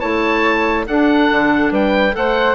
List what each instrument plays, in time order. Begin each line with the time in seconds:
0.00 bassoon A3, clarinet E4, flute C#5, oboe A5
0.87 bassoon D4, clarinet D4, flute A4, oboe F#5
1.31 bassoon D3
1.71 bassoon G3, flute B4, oboe G5
2.12 bassoon A3, clarinet A4, flute C5, oboe F#5